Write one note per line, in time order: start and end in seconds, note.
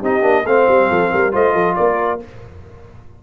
0.00 0.22 C4
0.00 0.22 D#4
0.00 0.44 G4
0.00 0.46 D#5
0.22 0.43 A#3
0.22 0.43 D4
0.45 0.67 A3
0.45 1.32 C4
0.45 0.89 C5
0.45 1.34 F5
0.68 0.90 G3
0.89 1.12 F3
0.89 1.11 A4
1.11 1.35 G3
1.11 1.33 A#4
1.32 1.53 A3
1.32 2.19 F4
1.32 1.53 C5
1.32 1.75 D#5
1.53 1.75 F3
1.53 1.75 A4
1.75 2.23 A#3
1.75 2.21 A#4
1.75 2.19 D5